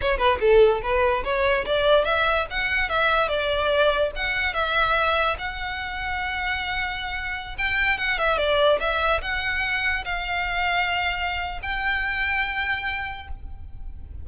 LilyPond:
\new Staff \with { instrumentName = "violin" } { \time 4/4 \tempo 4 = 145 cis''8 b'8 a'4 b'4 cis''4 | d''4 e''4 fis''4 e''4 | d''2 fis''4 e''4~ | e''4 fis''2.~ |
fis''2~ fis''16 g''4 fis''8 e''16~ | e''16 d''4 e''4 fis''4.~ fis''16~ | fis''16 f''2.~ f''8. | g''1 | }